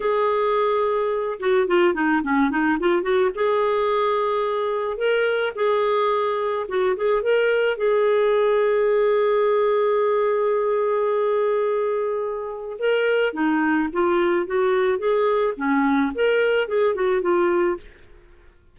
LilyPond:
\new Staff \with { instrumentName = "clarinet" } { \time 4/4 \tempo 4 = 108 gis'2~ gis'8 fis'8 f'8 dis'8 | cis'8 dis'8 f'8 fis'8 gis'2~ | gis'4 ais'4 gis'2 | fis'8 gis'8 ais'4 gis'2~ |
gis'1~ | gis'2. ais'4 | dis'4 f'4 fis'4 gis'4 | cis'4 ais'4 gis'8 fis'8 f'4 | }